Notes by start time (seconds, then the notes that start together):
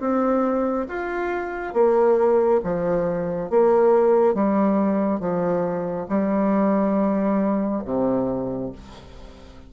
0.00 C4
0.89 F4
1.74 A#3
2.64 F3
3.50 A#3
4.34 G3
5.20 F3
6.09 G3
7.85 C3